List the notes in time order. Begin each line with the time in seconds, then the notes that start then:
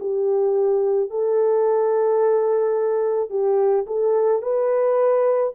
0.00 G4
1.10 A4
3.30 G4
3.87 A4
4.42 B4